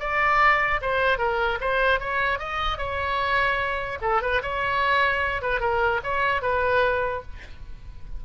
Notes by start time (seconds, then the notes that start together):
0.00 D5
0.81 C5
1.18 A#4
1.61 C5
2.00 C#5
2.39 D#5
2.78 C#5
4.02 A4
4.22 B4
4.42 C#5
5.42 B4
5.60 A#4
6.03 C#5
6.42 B4